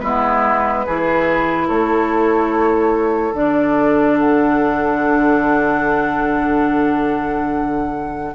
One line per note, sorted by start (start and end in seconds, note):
0.00 0.86 G#3
0.00 0.87 B3
0.00 0.86 E4
0.00 1.67 B4
0.86 1.70 E3
0.86 3.34 E4
0.86 1.67 G#4
1.67 3.33 A3
1.67 8.34 A4
1.67 3.35 C#5
3.33 8.33 D3
3.33 8.34 D4
3.33 4.18 D5
4.19 8.35 F#5